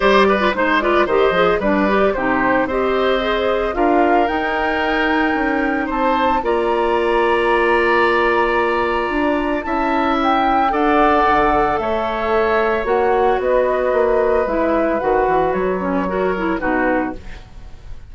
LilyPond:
<<
  \new Staff \with { instrumentName = "flute" } { \time 4/4 \tempo 4 = 112 d''4 c''8 d''8 dis''4 d''4 | c''4 dis''2 f''4 | g''2. a''4 | ais''1~ |
ais''2 a''4 g''4 | fis''2 e''2 | fis''4 dis''2 e''4 | fis''4 cis''2 b'4 | }
  \new Staff \with { instrumentName = "oboe" } { \time 4/4 c''8 b'8 c''8 b'8 c''4 b'4 | g'4 c''2 ais'4~ | ais'2. c''4 | d''1~ |
d''2 e''2 | d''2 cis''2~ | cis''4 b'2.~ | b'2 ais'4 fis'4 | }
  \new Staff \with { instrumentName = "clarinet" } { \time 4/4 g'8. f'16 dis'8 f'8 g'8 gis'8 d'8 g'8 | dis'4 g'4 gis'4 f'4 | dis'1 | f'1~ |
f'2 e'2 | a'1 | fis'2. e'4 | fis'4. cis'8 fis'8 e'8 dis'4 | }
  \new Staff \with { instrumentName = "bassoon" } { \time 4/4 g4 gis4 dis8 f8 g4 | c4 c'2 d'4 | dis'2 cis'4 c'4 | ais1~ |
ais4 d'4 cis'2 | d'4 d4 a2 | ais4 b4 ais4 gis4 | dis8 e8 fis2 b,4 | }
>>